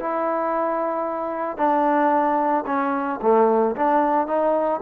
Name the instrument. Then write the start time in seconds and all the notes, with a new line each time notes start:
trombone
0.00 E4
1.58 D4
2.67 C#4
3.22 A3
3.76 D4
4.27 D#4